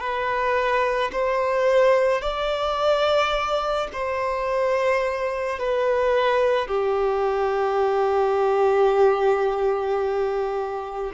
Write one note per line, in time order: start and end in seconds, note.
0.00 1.11 B4
1.13 2.22 C5
2.22 3.88 D5
3.93 5.60 C5
5.60 6.68 B4
6.68 11.12 G4